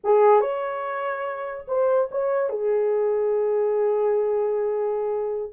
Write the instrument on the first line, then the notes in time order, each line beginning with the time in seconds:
horn
0.03 G#4
0.40 C#5
1.67 C5
2.11 C#5
2.49 G#4